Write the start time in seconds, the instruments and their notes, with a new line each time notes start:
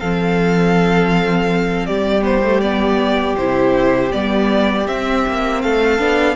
0.00 cello F3, viola C4, violin A4 F5
1.86 cello G3, violin G4 D5
2.22 viola B3, violin C5
2.44 viola A3
2.61 viola B3, violin D5
3.36 cello C3, viola E4, violin C5
4.12 cello G3, viola B3, violin D5
4.87 viola C4, cello C4, violin E5
5.28 cello A#3
5.62 cello A3, violin A4 F5
5.99 cello B3, viola D4